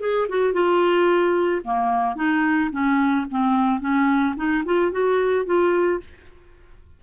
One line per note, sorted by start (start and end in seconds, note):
0.00 0.27 G#4
0.29 0.53 F#4
0.53 1.62 F4
1.64 2.16 A#3
2.16 2.70 D#4
2.71 3.26 C#4
3.31 3.80 C4
3.80 4.35 C#4
4.36 4.64 D#4
4.65 4.91 F4
4.91 5.45 F#4
5.45 6.00 F4